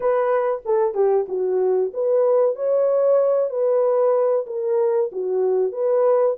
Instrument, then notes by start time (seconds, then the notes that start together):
horn
0.00 B4
0.65 A4
0.94 G4
1.28 F#4
1.93 B4
2.55 C#5
3.50 B4
4.46 A#4
5.12 F#4
5.72 B4